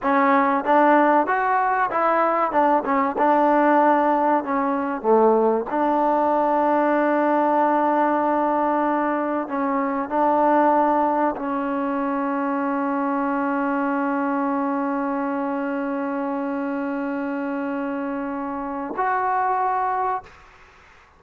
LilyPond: \new Staff \with { instrumentName = "trombone" } { \time 4/4 \tempo 4 = 95 cis'4 d'4 fis'4 e'4 | d'8 cis'8 d'2 cis'4 | a4 d'2.~ | d'2. cis'4 |
d'2 cis'2~ | cis'1~ | cis'1~ | cis'2 fis'2 | }